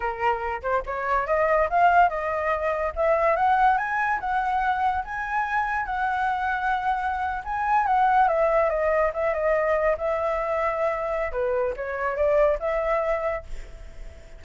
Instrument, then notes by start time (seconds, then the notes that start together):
flute
0.00 A#4
0.62 C5
0.85 C#5
1.27 D#5
1.69 F5
2.09 D#5
2.95 E5
3.36 F#5
3.77 G#5
4.20 F#5
5.04 G#5
5.85 F#5
7.44 G#5
7.86 F#5
8.28 E5
8.69 D#5
9.13 E5
9.33 D#5
9.97 E5
11.32 B4
11.76 C#5
12.15 D5
12.59 E5